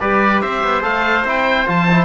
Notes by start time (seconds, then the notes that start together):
0.00 G3 G4 B4 D5
0.41 C4 C5 E5
0.63 B3
0.81 A3 A4 F5
1.25 C4 E4 G5
1.66 F3 F4 A5
1.90 E4